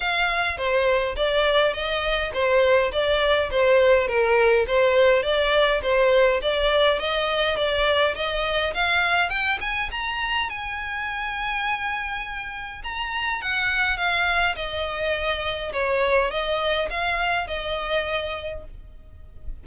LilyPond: \new Staff \with { instrumentName = "violin" } { \time 4/4 \tempo 4 = 103 f''4 c''4 d''4 dis''4 | c''4 d''4 c''4 ais'4 | c''4 d''4 c''4 d''4 | dis''4 d''4 dis''4 f''4 |
g''8 gis''8 ais''4 gis''2~ | gis''2 ais''4 fis''4 | f''4 dis''2 cis''4 | dis''4 f''4 dis''2 | }